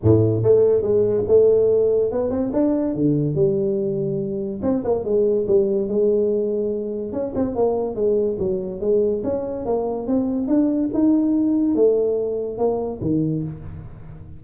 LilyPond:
\new Staff \with { instrumentName = "tuba" } { \time 4/4 \tempo 4 = 143 a,4 a4 gis4 a4~ | a4 b8 c'8 d'4 d4 | g2. c'8 ais8 | gis4 g4 gis2~ |
gis4 cis'8 c'8 ais4 gis4 | fis4 gis4 cis'4 ais4 | c'4 d'4 dis'2 | a2 ais4 dis4 | }